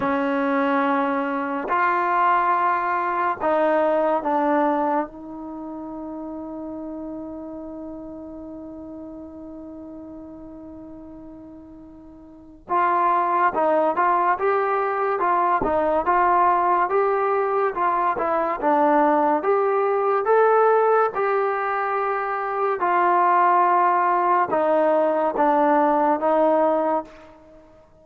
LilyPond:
\new Staff \with { instrumentName = "trombone" } { \time 4/4 \tempo 4 = 71 cis'2 f'2 | dis'4 d'4 dis'2~ | dis'1~ | dis'2. f'4 |
dis'8 f'8 g'4 f'8 dis'8 f'4 | g'4 f'8 e'8 d'4 g'4 | a'4 g'2 f'4~ | f'4 dis'4 d'4 dis'4 | }